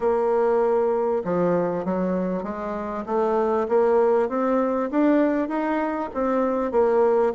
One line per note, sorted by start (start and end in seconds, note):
0.00 1.22 A#3
1.24 1.84 F3
1.84 2.43 F#3
2.43 3.04 G#3
3.06 3.67 A3
3.68 4.29 A#3
4.29 4.90 C4
4.90 5.48 D4
5.48 6.09 D#4
6.14 6.71 C4
6.71 7.32 A#3